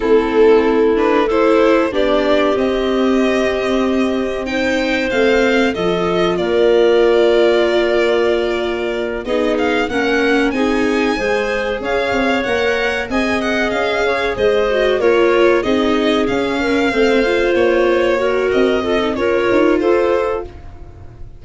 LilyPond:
<<
  \new Staff \with { instrumentName = "violin" } { \time 4/4 \tempo 4 = 94 a'4. b'8 c''4 d''4 | dis''2. g''4 | f''4 dis''4 d''2~ | d''2~ d''8 dis''8 f''8 fis''8~ |
fis''8 gis''2 f''4 fis''8~ | fis''8 gis''8 fis''8 f''4 dis''4 cis''8~ | cis''8 dis''4 f''2 cis''8~ | cis''4 dis''4 cis''4 c''4 | }
  \new Staff \with { instrumentName = "clarinet" } { \time 4/4 e'2 a'4 g'4~ | g'2. c''4~ | c''4 a'4 ais'2~ | ais'2~ ais'8 gis'4 ais'8~ |
ais'8 gis'4 c''4 cis''4.~ | cis''8 dis''4. cis''8 c''4 ais'8~ | ais'8 gis'4. ais'8 c''4.~ | c''8 ais'4 a'8 ais'4 a'4 | }
  \new Staff \with { instrumentName = "viola" } { \time 4/4 c'4. d'8 e'4 d'4 | c'2. dis'4 | c'4 f'2.~ | f'2~ f'8 dis'4 cis'8~ |
cis'8 dis'4 gis'2 ais'8~ | ais'8 gis'2~ gis'8 fis'8 f'8~ | f'8 dis'4 cis'4 c'8 f'4~ | f'8 fis'4 f'16 dis'16 f'2 | }
  \new Staff \with { instrumentName = "tuba" } { \time 4/4 a2. b4 | c'1 | a4 f4 ais2~ | ais2~ ais8 b4 ais8~ |
ais8 c'4 gis4 cis'8 c'8 ais8~ | ais8 c'4 cis'4 gis4 ais8~ | ais8 c'4 cis'4 a4 ais8~ | ais4 c'4 cis'8 dis'8 f'4 | }
>>